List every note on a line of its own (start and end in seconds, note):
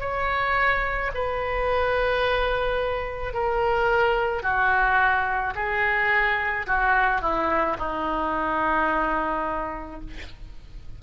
0.00 1.11 C#5
1.15 3.33 B4
3.33 4.42 A#4
4.42 5.54 F#4
5.55 6.66 G#4
6.67 7.22 F#4
7.22 7.77 E4
7.78 10.01 D#4